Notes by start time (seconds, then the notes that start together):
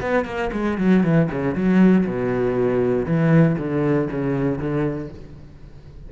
0.00 B3
0.24 A#3
0.52 G#3
0.78 F#3
1.03 E3
1.31 C#3
1.54 F#3
2.06 B2
3.05 E3
3.58 D3
4.10 C#3
4.58 D3